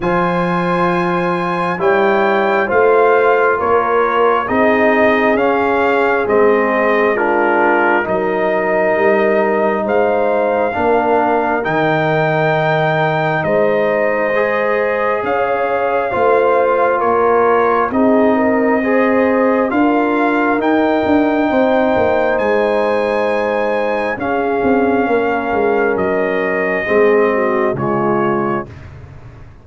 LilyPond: <<
  \new Staff \with { instrumentName = "trumpet" } { \time 4/4 \tempo 4 = 67 gis''2 g''4 f''4 | cis''4 dis''4 f''4 dis''4 | ais'4 dis''2 f''4~ | f''4 g''2 dis''4~ |
dis''4 f''2 cis''4 | dis''2 f''4 g''4~ | g''4 gis''2 f''4~ | f''4 dis''2 cis''4 | }
  \new Staff \with { instrumentName = "horn" } { \time 4/4 c''2 cis''4 c''4 | ais'4 gis'2. | f'4 ais'2 c''4 | ais'2. c''4~ |
c''4 cis''4 c''4 ais'4 | gis'8 ais'8 c''4 ais'2 | c''2. gis'4 | ais'2 gis'8 fis'8 f'4 | }
  \new Staff \with { instrumentName = "trombone" } { \time 4/4 f'2 e'4 f'4~ | f'4 dis'4 cis'4 c'4 | d'4 dis'2. | d'4 dis'2. |
gis'2 f'2 | dis'4 gis'4 f'4 dis'4~ | dis'2. cis'4~ | cis'2 c'4 gis4 | }
  \new Staff \with { instrumentName = "tuba" } { \time 4/4 f2 g4 a4 | ais4 c'4 cis'4 gis4~ | gis4 fis4 g4 gis4 | ais4 dis2 gis4~ |
gis4 cis'4 a4 ais4 | c'2 d'4 dis'8 d'8 | c'8 ais8 gis2 cis'8 c'8 | ais8 gis8 fis4 gis4 cis4 | }
>>